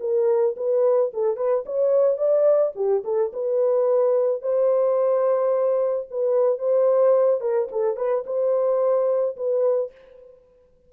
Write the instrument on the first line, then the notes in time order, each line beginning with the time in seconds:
horn
0.00 A#4
0.56 B4
1.13 A4
1.36 B4
1.65 C#5
2.17 D5
2.75 G4
3.04 A4
3.33 B4
4.42 C5
6.10 B4
6.58 C5
7.40 A#4
7.72 A4
7.96 B4
8.26 C5
9.36 B4